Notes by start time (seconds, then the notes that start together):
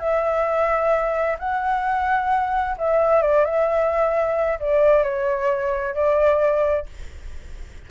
0.00 E5
1.39 F#5
2.79 E5
3.22 D5
3.45 E5
4.60 D5
5.04 C#5
5.95 D5